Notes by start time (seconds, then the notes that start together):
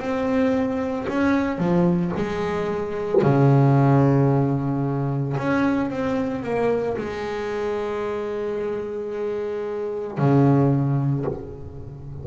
0.00 C4
1.09 C#4
1.59 F3
2.17 G#3
3.22 C#3
5.38 C#4
5.91 C4
6.43 A#3
6.98 G#3
10.18 C#3